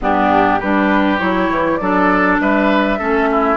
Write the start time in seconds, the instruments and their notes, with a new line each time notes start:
0.01 bassoon G2, clarinet B3, oboe D4, flute G4
0.59 bassoon G3, clarinet D4, oboe G4, flute B4
1.18 bassoon F#3, clarinet E4, flute C#5
1.50 bassoon E3
1.77 bassoon F#3, clarinet D4, oboe A4, flute D5
2.39 bassoon G3, oboe B4, flute E5
2.98 bassoon A3, clarinet C#4, oboe A4
3.31 oboe E4